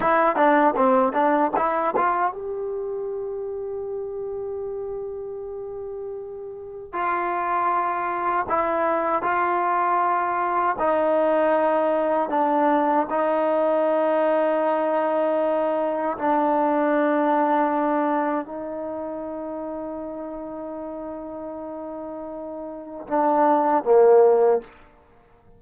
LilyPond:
\new Staff \with { instrumentName = "trombone" } { \time 4/4 \tempo 4 = 78 e'8 d'8 c'8 d'8 e'8 f'8 g'4~ | g'1~ | g'4 f'2 e'4 | f'2 dis'2 |
d'4 dis'2.~ | dis'4 d'2. | dis'1~ | dis'2 d'4 ais4 | }